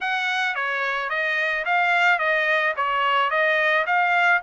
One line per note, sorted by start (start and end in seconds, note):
0.00 0.55 F#5
0.55 1.09 C#5
1.09 1.64 D#5
1.65 2.18 F5
2.18 2.73 D#5
2.76 3.30 C#5
3.30 3.85 D#5
3.86 4.41 F5